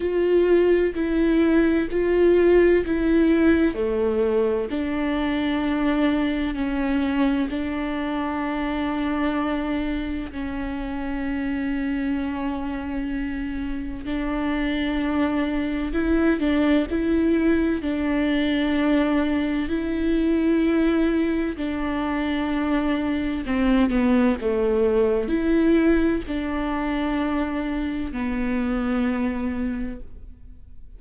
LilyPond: \new Staff \with { instrumentName = "viola" } { \time 4/4 \tempo 4 = 64 f'4 e'4 f'4 e'4 | a4 d'2 cis'4 | d'2. cis'4~ | cis'2. d'4~ |
d'4 e'8 d'8 e'4 d'4~ | d'4 e'2 d'4~ | d'4 c'8 b8 a4 e'4 | d'2 b2 | }